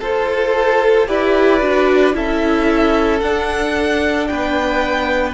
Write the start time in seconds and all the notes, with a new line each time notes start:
0.00 F4 A4 C5
1.06 E4 G4 B4 D5
1.61 D4 F#4
2.13 C#4 E4 A4 E5
3.20 D4 F#5
4.27 B3 B4 G5